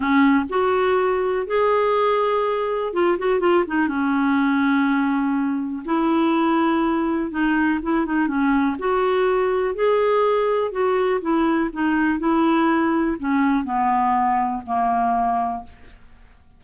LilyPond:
\new Staff \with { instrumentName = "clarinet" } { \time 4/4 \tempo 4 = 123 cis'4 fis'2 gis'4~ | gis'2 f'8 fis'8 f'8 dis'8 | cis'1 | e'2. dis'4 |
e'8 dis'8 cis'4 fis'2 | gis'2 fis'4 e'4 | dis'4 e'2 cis'4 | b2 ais2 | }